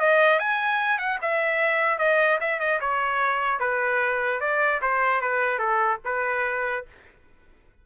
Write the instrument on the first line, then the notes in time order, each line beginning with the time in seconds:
trumpet
0.00 D#5
0.40 G#5
0.99 F#5
1.22 E5
1.99 D#5
2.41 E5
2.60 D#5
2.81 C#5
3.60 B4
4.41 D5
4.82 C5
5.22 B4
5.59 A4
6.05 B4